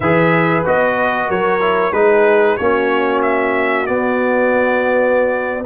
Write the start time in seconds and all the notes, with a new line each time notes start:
0.00 E3 G#4 B4 E5
0.65 B3 F#4 D#5
1.28 F#3 A#4 C#5
1.60 E4
1.92 G#3 D#4 G#4 B4
2.56 A#3 C#4 F#4 C#5
3.22 E5
3.86 B3 D5